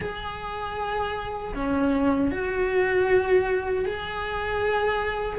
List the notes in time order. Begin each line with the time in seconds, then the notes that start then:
0.00 G#4
1.55 C#4
2.31 F#4
3.85 G#4